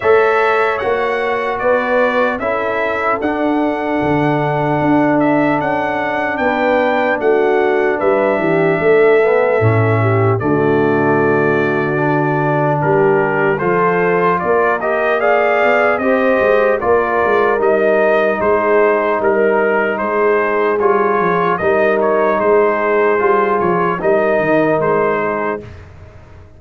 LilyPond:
<<
  \new Staff \with { instrumentName = "trumpet" } { \time 4/4 \tempo 4 = 75 e''4 fis''4 d''4 e''4 | fis''2~ fis''8 e''8 fis''4 | g''4 fis''4 e''2~ | e''4 d''2. |
ais'4 c''4 d''8 dis''8 f''4 | dis''4 d''4 dis''4 c''4 | ais'4 c''4 cis''4 dis''8 cis''8 | c''4. cis''8 dis''4 c''4 | }
  \new Staff \with { instrumentName = "horn" } { \time 4/4 cis''2 b'4 a'4~ | a'1 | b'4 fis'4 b'8 g'8 a'4~ | a'8 g'8 fis'2. |
g'4 a'4 ais'4 d''4 | c''4 ais'2 gis'4 | ais'4 gis'2 ais'4 | gis'2 ais'4. gis'8 | }
  \new Staff \with { instrumentName = "trombone" } { \time 4/4 a'4 fis'2 e'4 | d'1~ | d'2.~ d'8 b8 | cis'4 a2 d'4~ |
d'4 f'4. g'8 gis'4 | g'4 f'4 dis'2~ | dis'2 f'4 dis'4~ | dis'4 f'4 dis'2 | }
  \new Staff \with { instrumentName = "tuba" } { \time 4/4 a4 ais4 b4 cis'4 | d'4 d4 d'4 cis'4 | b4 a4 g8 e8 a4 | a,4 d2. |
g4 f4 ais4. b8 | c'8 gis8 ais8 gis8 g4 gis4 | g4 gis4 g8 f8 g4 | gis4 g8 f8 g8 dis8 gis4 | }
>>